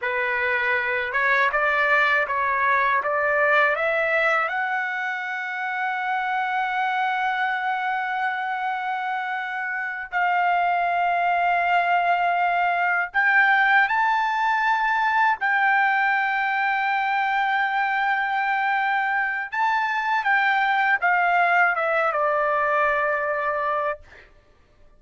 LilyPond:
\new Staff \with { instrumentName = "trumpet" } { \time 4/4 \tempo 4 = 80 b'4. cis''8 d''4 cis''4 | d''4 e''4 fis''2~ | fis''1~ | fis''4. f''2~ f''8~ |
f''4. g''4 a''4.~ | a''8 g''2.~ g''8~ | g''2 a''4 g''4 | f''4 e''8 d''2~ d''8 | }